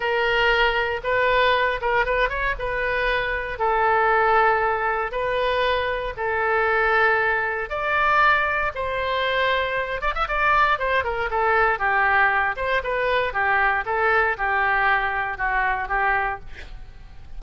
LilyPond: \new Staff \with { instrumentName = "oboe" } { \time 4/4 \tempo 4 = 117 ais'2 b'4. ais'8 | b'8 cis''8 b'2 a'4~ | a'2 b'2 | a'2. d''4~ |
d''4 c''2~ c''8 d''16 e''16 | d''4 c''8 ais'8 a'4 g'4~ | g'8 c''8 b'4 g'4 a'4 | g'2 fis'4 g'4 | }